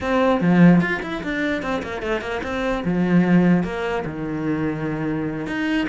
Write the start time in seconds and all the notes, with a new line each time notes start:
0.01 C4
0.40 F3
0.80 F4
1.02 E4
1.23 D4
1.62 C4
1.82 A#3
2.02 A3
2.21 A#3
2.43 C4
2.85 F3
3.63 A#3
4.05 D#3
5.46 D#4